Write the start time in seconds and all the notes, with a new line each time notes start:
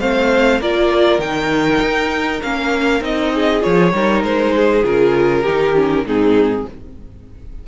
0.00 A3 C4 C5 F5
0.60 A#3 F4 A#4 D5
1.19 D#3 D#4 G5
1.81 D#4
2.43 A#3 C#4 F5
3.01 C4 D#4 D#5
3.34 G#4
3.61 F3 F4 C#5
3.93 G3 D#4 A#4
4.23 G#3 C5
4.56 G#4
4.83 C#3 F4 A#4
5.43 D#3 D#4 G4
5.75 C#4
6.05 G#2 C4 D#4 G#4